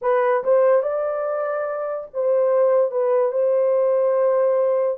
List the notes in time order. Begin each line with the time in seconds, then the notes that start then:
0.01 B4
0.43 C5
0.82 D5
2.13 C5
2.91 B4
3.31 C5